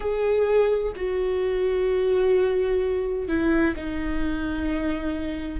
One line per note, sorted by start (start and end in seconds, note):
0.00 0.92 G#4
0.95 3.28 F#4
3.28 3.75 E4
3.75 5.60 D#4